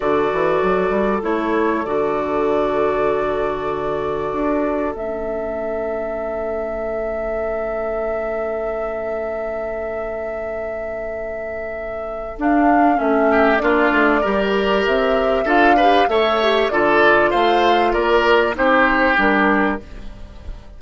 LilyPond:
<<
  \new Staff \with { instrumentName = "flute" } { \time 4/4 \tempo 4 = 97 d''2 cis''4 d''4~ | d''1 | e''1~ | e''1~ |
e''1 | f''4 e''4 d''2 | e''4 f''4 e''4 d''4 | f''4 d''4 c''4 ais'4 | }
  \new Staff \with { instrumentName = "oboe" } { \time 4/4 a'1~ | a'1~ | a'1~ | a'1~ |
a'1~ | a'4. g'8 f'4 ais'4~ | ais'4 a'8 b'8 cis''4 a'4 | c''4 ais'4 g'2 | }
  \new Staff \with { instrumentName = "clarinet" } { \time 4/4 fis'2 e'4 fis'4~ | fis'1 | cis'1~ | cis'1~ |
cis'1 | d'4 cis'4 d'4 g'4~ | g'4 f'8 g'8 a'8 g'8 f'4~ | f'2 dis'4 d'4 | }
  \new Staff \with { instrumentName = "bassoon" } { \time 4/4 d8 e8 fis8 g8 a4 d4~ | d2. d'4 | a1~ | a1~ |
a1 | d'4 a4 ais8 a8 g4 | c'4 d'4 a4 d4 | a4 ais4 c'4 g4 | }
>>